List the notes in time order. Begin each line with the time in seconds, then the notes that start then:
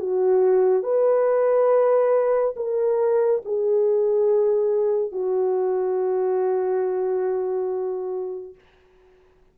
0.00 F#4
0.83 B4
2.57 A#4
3.45 G#4
5.12 F#4